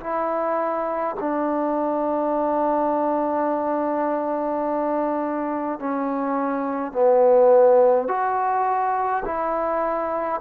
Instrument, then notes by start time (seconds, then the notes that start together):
trombone
0.00 E4
1.20 D4
5.79 C#4
6.92 B3
8.08 F#4
9.25 E4